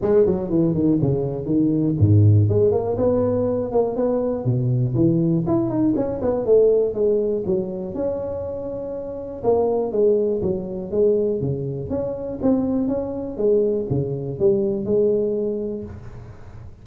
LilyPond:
\new Staff \with { instrumentName = "tuba" } { \time 4/4 \tempo 4 = 121 gis8 fis8 e8 dis8 cis4 dis4 | gis,4 gis8 ais8 b4. ais8 | b4 b,4 e4 e'8 dis'8 | cis'8 b8 a4 gis4 fis4 |
cis'2. ais4 | gis4 fis4 gis4 cis4 | cis'4 c'4 cis'4 gis4 | cis4 g4 gis2 | }